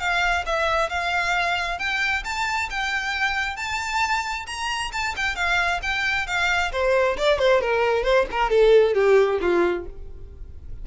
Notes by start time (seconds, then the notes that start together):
0.00 F5
0.46 E5
0.90 F5
1.79 G5
2.25 A5
2.70 G5
3.57 A5
4.47 A#5
4.93 A5
5.17 G5
5.36 F5
5.83 G5
6.27 F5
6.72 C5
7.18 D5
7.39 C5
7.62 A#4
8.04 C5
8.32 A#4
8.51 A4
8.95 G4
9.41 F4